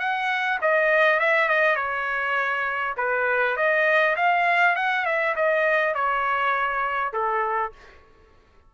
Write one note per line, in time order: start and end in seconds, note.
0.00 0.59 F#5
0.62 1.20 D#5
1.20 1.49 E5
1.49 1.76 D#5
1.76 2.95 C#5
2.98 3.57 B4
3.57 4.16 D#5
4.17 4.76 F5
4.76 5.06 F#5
5.06 5.35 E5
5.36 5.95 D#5
5.95 7.13 C#5
7.13 7.73 A4